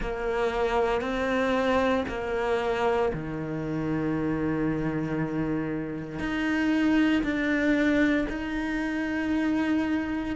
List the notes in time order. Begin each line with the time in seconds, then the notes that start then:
0.00 A#3
1.01 C4
2.08 A#3
3.13 D#3
6.19 D#4
7.23 D4
8.29 D#4